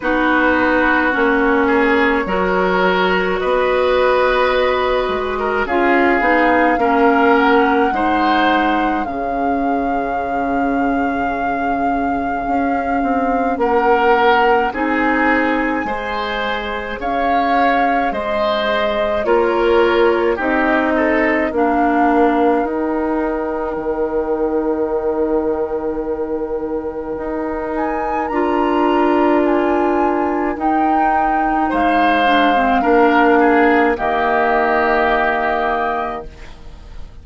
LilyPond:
<<
  \new Staff \with { instrumentName = "flute" } { \time 4/4 \tempo 4 = 53 b'4 cis''2 dis''4~ | dis''4 f''4. fis''4. | f''1 | fis''4 gis''2 f''4 |
dis''4 cis''4 dis''4 f''4 | g''1~ | g''8 gis''8 ais''4 gis''4 g''4 | f''2 dis''2 | }
  \new Staff \with { instrumentName = "oboe" } { \time 4/4 fis'4. gis'8 ais'4 b'4~ | b'8. ais'16 gis'4 ais'4 c''4 | gis'1 | ais'4 gis'4 c''4 cis''4 |
c''4 ais'4 g'8 a'8 ais'4~ | ais'1~ | ais'1 | c''4 ais'8 gis'8 g'2 | }
  \new Staff \with { instrumentName = "clarinet" } { \time 4/4 dis'4 cis'4 fis'2~ | fis'4 f'8 dis'8 cis'4 dis'4 | cis'1~ | cis'4 dis'4 gis'2~ |
gis'4 f'4 dis'4 d'4 | dis'1~ | dis'4 f'2 dis'4~ | dis'8 d'16 c'16 d'4 ais2 | }
  \new Staff \with { instrumentName = "bassoon" } { \time 4/4 b4 ais4 fis4 b4~ | b8 gis8 cis'8 b8 ais4 gis4 | cis2. cis'8 c'8 | ais4 c'4 gis4 cis'4 |
gis4 ais4 c'4 ais4 | dis'4 dis2. | dis'4 d'2 dis'4 | gis4 ais4 dis2 | }
>>